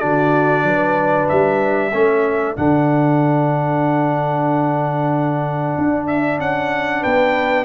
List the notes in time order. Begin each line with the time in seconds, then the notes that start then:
0.00 D3 D4 F#4 D5
0.64 F#3 B4
1.29 G3 E5
1.93 A3 C#4 A4
2.57 D3 D4 F#5
5.78 D4
6.07 E5
6.40 C#4 F#5
7.01 B3 B4 G5